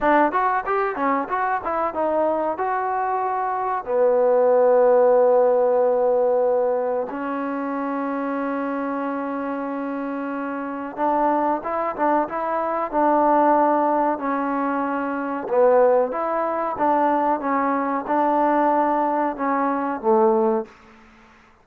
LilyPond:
\new Staff \with { instrumentName = "trombone" } { \time 4/4 \tempo 4 = 93 d'8 fis'8 g'8 cis'8 fis'8 e'8 dis'4 | fis'2 b2~ | b2. cis'4~ | cis'1~ |
cis'4 d'4 e'8 d'8 e'4 | d'2 cis'2 | b4 e'4 d'4 cis'4 | d'2 cis'4 a4 | }